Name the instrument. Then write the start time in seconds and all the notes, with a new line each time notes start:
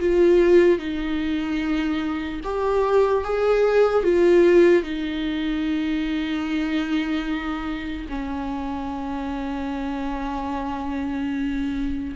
viola
0.00 F4
0.79 D#4
2.44 G4
3.24 G#4
4.04 F4
4.83 D#4
8.09 C#4